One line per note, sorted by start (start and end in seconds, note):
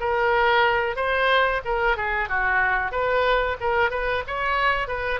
0.00 0.96 A#4
0.96 1.61 C5
1.65 1.97 A#4
1.97 2.29 G#4
2.29 2.92 F#4
2.92 3.57 B4
3.60 3.90 A#4
3.90 4.23 B4
4.27 4.87 C#5
4.87 5.20 B4